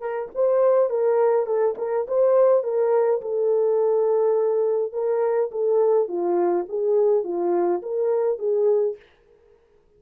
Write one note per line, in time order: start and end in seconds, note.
0.00 0.29 A#4
0.34 0.89 C5
0.89 1.46 A#4
1.46 1.75 A4
1.78 2.06 A#4
2.07 2.63 C5
2.63 3.21 A#4
3.21 4.92 A4
4.92 5.50 A#4
5.51 6.08 A4
6.08 6.66 F4
6.68 7.24 G#4
7.24 7.81 F4
7.82 8.38 A#4
8.38 8.96 G#4